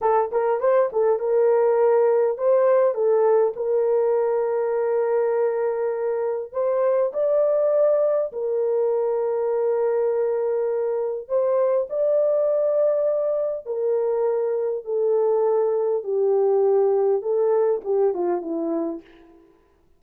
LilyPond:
\new Staff \with { instrumentName = "horn" } { \time 4/4 \tempo 4 = 101 a'8 ais'8 c''8 a'8 ais'2 | c''4 a'4 ais'2~ | ais'2. c''4 | d''2 ais'2~ |
ais'2. c''4 | d''2. ais'4~ | ais'4 a'2 g'4~ | g'4 a'4 g'8 f'8 e'4 | }